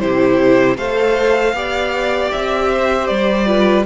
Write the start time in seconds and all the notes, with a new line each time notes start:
0.00 C3 E4 G4 C5
0.77 A3 A4 C5 F5
1.53 B3 G4 D5
2.32 C4 E5
2.71 C5
3.07 G3 D5
3.46 F4 B4